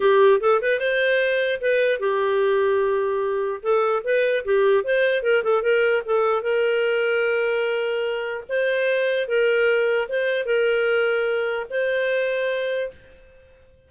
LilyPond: \new Staff \with { instrumentName = "clarinet" } { \time 4/4 \tempo 4 = 149 g'4 a'8 b'8 c''2 | b'4 g'2.~ | g'4 a'4 b'4 g'4 | c''4 ais'8 a'8 ais'4 a'4 |
ais'1~ | ais'4 c''2 ais'4~ | ais'4 c''4 ais'2~ | ais'4 c''2. | }